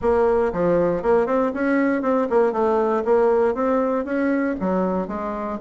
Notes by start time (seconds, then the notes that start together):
0.01 A#3
0.52 F3
1.02 A#3
1.26 C4
1.53 C#4
2.02 C4
2.29 A#3
2.52 A3
3.04 A#3
3.54 C4
4.04 C#4
4.59 F#3
5.07 G#3